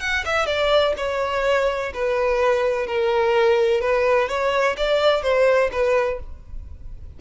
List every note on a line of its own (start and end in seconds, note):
0.00 0.24 F#5
0.24 0.46 E5
0.46 0.93 D5
0.97 1.92 C#5
1.93 2.86 B4
2.86 3.81 A#4
3.81 4.28 B4
4.28 4.76 C#5
4.77 5.22 D5
5.22 5.70 C5
5.71 6.19 B4